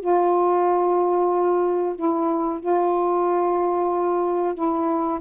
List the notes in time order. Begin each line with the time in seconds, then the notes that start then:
0.00 F4
1.96 E4
2.60 F4
4.55 E4